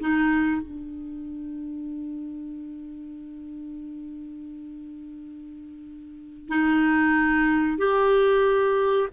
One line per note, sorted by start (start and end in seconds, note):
0.00 0.62 D#4
0.62 6.48 D4
6.48 7.78 D#4
7.78 9.09 G4